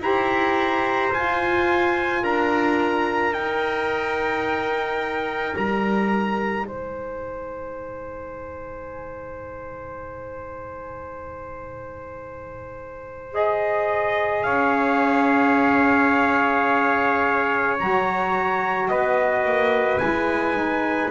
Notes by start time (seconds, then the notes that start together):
0.00 E4 G4 C5 A#5
1.12 F4 G#5
2.23 D4 A#4 A#5
3.33 D#4 G5
5.56 G3 A#5
6.66 G#3 C5 G#5
13.33 G#4 D#5
14.44 C#4 C#5 F5
17.79 F#3 F#4 A#5
18.89 B3 B4 D#5
19.45 A#3
19.98 G#3 E4 G#5
20.55 D#4